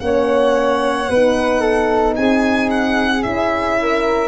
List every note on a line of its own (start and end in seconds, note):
0.00 1.09 A#3
0.00 1.08 C#4
0.00 1.10 C#5
0.00 2.14 F#5
1.10 2.17 B3
1.10 3.22 D#4
1.10 1.60 B4
1.60 2.14 A4
2.16 3.24 C4
2.16 3.79 G#4
2.16 2.69 G#5
2.71 3.23 F#5
3.22 4.28 C#4
3.22 4.28 E4
3.22 4.28 E5
3.81 4.28 A#4